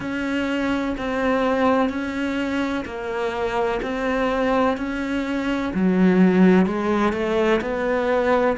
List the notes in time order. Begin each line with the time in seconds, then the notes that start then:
0.00 C#4
0.97 C4
1.89 C#4
2.85 A#3
3.82 C4
4.77 C#4
5.74 F#3
6.66 G#3
7.12 A3
7.61 B3